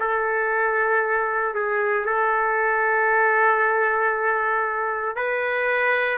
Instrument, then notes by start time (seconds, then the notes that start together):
trumpet
0.00 A4
1.55 G#4
2.06 A4
5.17 B4